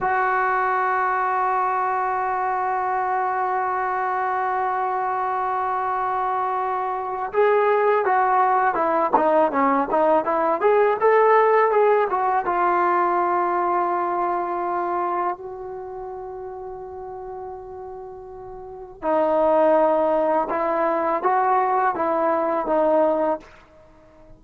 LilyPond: \new Staff \with { instrumentName = "trombone" } { \time 4/4 \tempo 4 = 82 fis'1~ | fis'1~ | fis'2 gis'4 fis'4 | e'8 dis'8 cis'8 dis'8 e'8 gis'8 a'4 |
gis'8 fis'8 f'2.~ | f'4 fis'2.~ | fis'2 dis'2 | e'4 fis'4 e'4 dis'4 | }